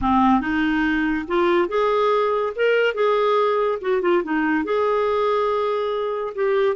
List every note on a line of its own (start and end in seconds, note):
0.01 0.41 C4
0.41 1.25 D#4
1.27 1.68 F4
1.68 2.53 G#4
2.55 2.94 A#4
2.94 3.78 G#4
3.81 4.01 F#4
4.01 4.22 F4
4.23 4.64 D#4
4.64 6.33 G#4
6.34 6.76 G4